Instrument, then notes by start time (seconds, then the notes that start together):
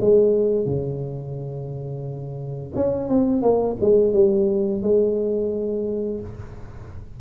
tuba
0.00 G#3
0.65 C#3
2.75 C#4
3.09 C4
3.42 A#3
3.81 G#3
4.13 G3
4.82 G#3